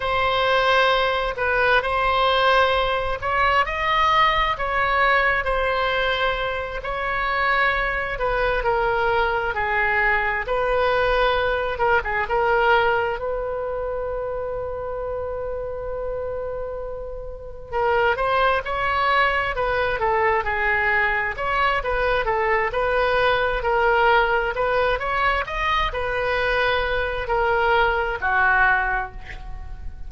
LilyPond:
\new Staff \with { instrumentName = "oboe" } { \time 4/4 \tempo 4 = 66 c''4. b'8 c''4. cis''8 | dis''4 cis''4 c''4. cis''8~ | cis''4 b'8 ais'4 gis'4 b'8~ | b'4 ais'16 gis'16 ais'4 b'4.~ |
b'2.~ b'8 ais'8 | c''8 cis''4 b'8 a'8 gis'4 cis''8 | b'8 a'8 b'4 ais'4 b'8 cis''8 | dis''8 b'4. ais'4 fis'4 | }